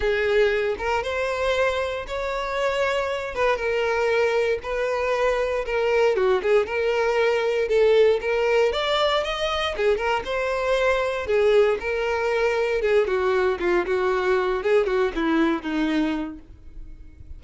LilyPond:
\new Staff \with { instrumentName = "violin" } { \time 4/4 \tempo 4 = 117 gis'4. ais'8 c''2 | cis''2~ cis''8 b'8 ais'4~ | ais'4 b'2 ais'4 | fis'8 gis'8 ais'2 a'4 |
ais'4 d''4 dis''4 gis'8 ais'8 | c''2 gis'4 ais'4~ | ais'4 gis'8 fis'4 f'8 fis'4~ | fis'8 gis'8 fis'8 e'4 dis'4. | }